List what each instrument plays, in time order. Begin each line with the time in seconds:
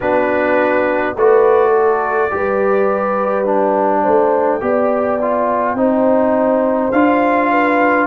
0.00 tuba B3, trombone D4, horn F#4, trumpet B4
1.15 tuba A3, trombone F#4, horn B4, trumpet D5
1.69 horn A4
2.30 tuba G3, trombone G4, horn B4
3.45 trombone D4, trumpet G5
4.01 tuba A3, horn C5
4.61 tuba B3, trombone G4, horn D5
5.21 trombone F4
5.74 tuba C4, trombone D#4, horn C5
6.91 tuba D4, trombone F4, trumpet F5
7.50 horn B4